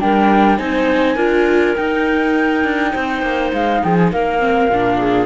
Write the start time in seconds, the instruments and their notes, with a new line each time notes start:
0.00 cello G3, viola D4, clarinet A#4, flute G5
0.57 cello C4, viola D#4, clarinet C5, flute G#5
1.16 cello D4, viola F4, clarinet A#4
1.76 cello D#4, viola D#4, flute G5
2.64 cello D4
2.93 cello C4, clarinet C5
3.22 cello A#3
3.54 cello G#3, flute F5
3.83 cello F3, clarinet G#4, flute G5
3.95 flute G#5
4.12 cello A#3, clarinet A#4, flute F5
4.40 viola C4
4.70 cello A#2, viola D4
4.98 clarinet G#4